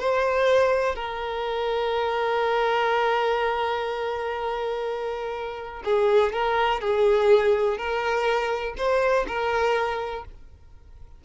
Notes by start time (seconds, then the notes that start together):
0.00 C5
0.96 A#4
5.85 G#4
6.33 A#4
6.81 G#4
7.78 A#4
8.77 C5
9.28 A#4